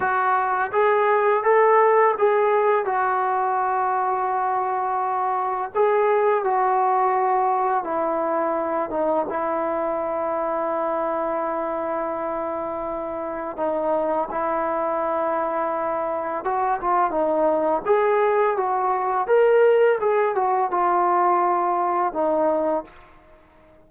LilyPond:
\new Staff \with { instrumentName = "trombone" } { \time 4/4 \tempo 4 = 84 fis'4 gis'4 a'4 gis'4 | fis'1 | gis'4 fis'2 e'4~ | e'8 dis'8 e'2.~ |
e'2. dis'4 | e'2. fis'8 f'8 | dis'4 gis'4 fis'4 ais'4 | gis'8 fis'8 f'2 dis'4 | }